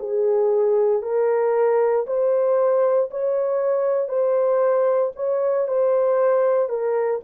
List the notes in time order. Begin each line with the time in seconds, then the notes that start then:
0.00 G#4
1.03 A#4
2.07 C5
3.11 C#5
4.09 C5
5.16 C#5
5.68 C5
6.70 A#4